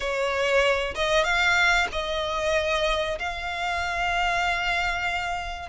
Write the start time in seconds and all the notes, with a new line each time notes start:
0.00 C#5
0.94 D#5
1.24 F5
1.91 D#5
3.18 F5